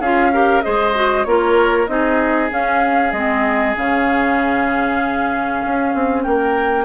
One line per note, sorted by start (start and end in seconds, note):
0.00 0.63 C#4
0.00 0.33 F4
0.00 0.31 G#4
0.00 0.61 F5
0.33 0.63 G4
0.33 0.64 A#4
0.61 1.25 G#3
0.61 0.94 G#4
0.61 1.27 C5
0.61 1.24 D#5
0.94 1.25 F#4
1.24 1.88 A#3
1.24 1.87 F4
1.24 1.90 A#4
1.24 1.86 C#5
1.87 2.50 C4
1.87 2.50 D#4
1.87 6.24 G#4
1.87 2.49 D#5
2.50 3.12 C#4
2.50 3.12 F5
3.12 3.75 G#3
3.12 3.76 C4
3.12 3.74 D#5
3.76 5.65 C#3
3.76 6.84 C#4
3.76 6.23 F5
5.65 5.94 C#4
5.94 6.25 C4
6.23 6.84 A#3
6.23 6.84 A#4
6.23 6.84 G5